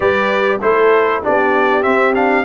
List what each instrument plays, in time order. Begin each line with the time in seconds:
0.00 tuba G3, trombone G4, horn B4, trumpet D5
0.61 tuba A3, trombone E4, horn A4, trumpet C5
1.22 tuba B3, trombone D4, horn G4, trumpet D5
1.82 trombone C4, tuba C4, trumpet E5
2.14 trombone D4, trumpet F5